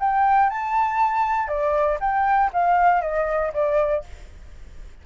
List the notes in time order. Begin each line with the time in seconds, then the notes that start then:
0.00 G5
0.50 A5
1.48 D5
2.00 G5
2.53 F5
3.02 D#5
3.54 D5